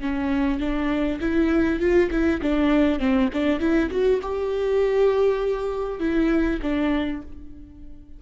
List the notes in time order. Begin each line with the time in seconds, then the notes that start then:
0.00 C#4
0.59 D4
1.20 E4
1.79 F4
2.10 E4
2.41 D4
2.99 C4
3.33 D4
3.59 E4
3.90 F#4
4.22 G4
5.99 E4
6.62 D4